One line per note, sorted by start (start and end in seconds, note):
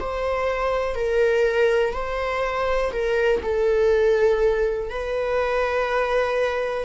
0.00 0.96 C5
0.96 1.94 A#4
1.94 2.92 C5
2.92 3.42 A#4
3.43 4.90 A4
4.90 6.85 B4